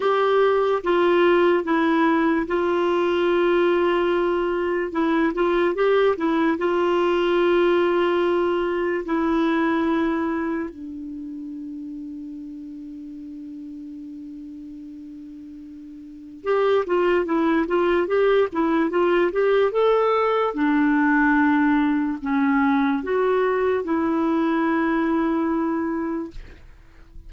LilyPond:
\new Staff \with { instrumentName = "clarinet" } { \time 4/4 \tempo 4 = 73 g'4 f'4 e'4 f'4~ | f'2 e'8 f'8 g'8 e'8 | f'2. e'4~ | e'4 d'2.~ |
d'1 | g'8 f'8 e'8 f'8 g'8 e'8 f'8 g'8 | a'4 d'2 cis'4 | fis'4 e'2. | }